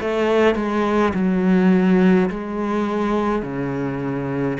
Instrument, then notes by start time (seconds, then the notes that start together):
cello
0.00 A3
0.55 G#3
1.14 F#3
2.30 G#3
3.42 C#3